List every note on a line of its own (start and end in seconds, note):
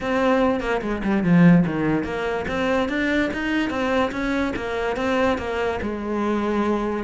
0.00 0.60 C4
0.60 0.81 A#3
0.81 1.02 G#3
1.03 1.23 G3
1.23 1.64 F3
1.66 2.04 D#3
2.04 2.45 A#3
2.47 2.89 C4
2.89 3.30 D4
3.33 3.70 D#4
3.70 4.11 C4
4.11 4.53 C#4
4.56 4.96 A#3
4.96 5.38 C4
5.38 5.79 A#3
5.82 7.03 G#3